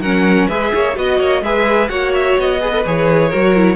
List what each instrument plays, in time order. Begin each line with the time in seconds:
0.00 cello F#3, viola C#4, violin A#4 F#5
0.48 cello G#3, viola G#4, violin B4 E5
0.74 cello A#3, violin C#5
0.95 cello B3, viola F#4, violin D#5
1.19 cello A#3, violin C#5
1.42 cello G#3, viola G#4, violin B4 E5
1.89 cello A#3, viola F#4, violin C#5 F#5
2.14 violin E5
2.38 cello B3, violin D#5
2.61 viola G#4, violin B4
2.72 viola A4
2.86 cello E3, viola G#4, violin C#5
3.28 cello F#3, viola F#4, violin A#4
3.56 viola E4